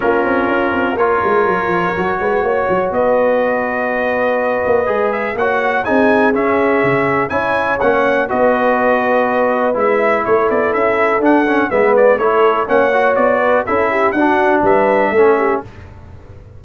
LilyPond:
<<
  \new Staff \with { instrumentName = "trumpet" } { \time 4/4 \tempo 4 = 123 ais'2 cis''2~ | cis''2 dis''2~ | dis''2~ dis''8 e''8 fis''4 | gis''4 e''2 gis''4 |
fis''4 dis''2. | e''4 cis''8 d''8 e''4 fis''4 | e''8 d''8 cis''4 fis''4 d''4 | e''4 fis''4 e''2 | }
  \new Staff \with { instrumentName = "horn" } { \time 4/4 f'2 ais'2~ | ais'8 b'8 cis''4 b'2~ | b'2. cis''4 | gis'2. cis''4~ |
cis''4 b'2.~ | b'4 a'2. | b'4 a'4 cis''4. b'8 | a'8 g'8 fis'4 b'4 a'8 g'8 | }
  \new Staff \with { instrumentName = "trombone" } { \time 4/4 cis'2 f'2 | fis'1~ | fis'2 gis'4 fis'4 | dis'4 cis'2 e'4 |
cis'4 fis'2. | e'2. d'8 cis'8 | b4 e'4 cis'8 fis'4. | e'4 d'2 cis'4 | }
  \new Staff \with { instrumentName = "tuba" } { \time 4/4 ais8 c'8 cis'8 c'8 ais8 gis8 fis8 f8 | fis8 gis8 ais8 fis8 b2~ | b4. ais8 gis4 ais4 | c'4 cis'4 cis4 cis'4 |
ais4 b2. | gis4 a8 b8 cis'4 d'4 | gis4 a4 ais4 b4 | cis'4 d'4 g4 a4 | }
>>